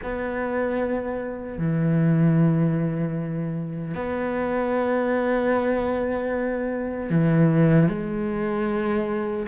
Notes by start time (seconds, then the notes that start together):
0.03 B3
1.58 E3
3.94 B3
7.10 E3
7.88 G#3